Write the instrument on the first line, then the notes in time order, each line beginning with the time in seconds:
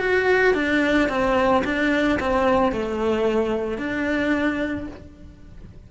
cello
0.00 F#4
0.55 D4
1.09 C4
1.65 D4
2.20 C4
2.72 A3
3.78 D4